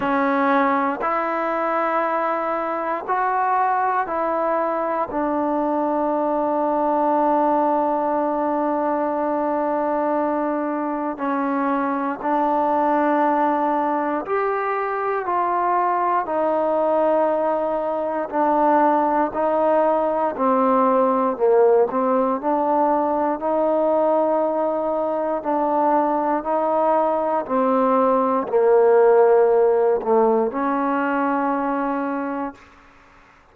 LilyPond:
\new Staff \with { instrumentName = "trombone" } { \time 4/4 \tempo 4 = 59 cis'4 e'2 fis'4 | e'4 d'2.~ | d'2. cis'4 | d'2 g'4 f'4 |
dis'2 d'4 dis'4 | c'4 ais8 c'8 d'4 dis'4~ | dis'4 d'4 dis'4 c'4 | ais4. a8 cis'2 | }